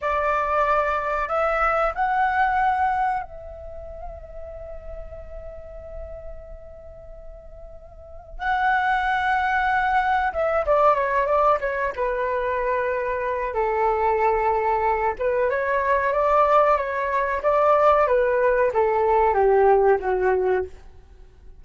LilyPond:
\new Staff \with { instrumentName = "flute" } { \time 4/4 \tempo 4 = 93 d''2 e''4 fis''4~ | fis''4 e''2.~ | e''1~ | e''4 fis''2. |
e''8 d''8 cis''8 d''8 cis''8 b'4.~ | b'4 a'2~ a'8 b'8 | cis''4 d''4 cis''4 d''4 | b'4 a'4 g'4 fis'4 | }